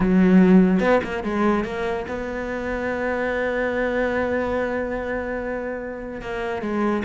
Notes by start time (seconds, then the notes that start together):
0.00 F#3
0.80 B3
1.03 A#3
1.23 G#3
1.64 A#3
2.08 B3
6.21 A#3
6.62 G#3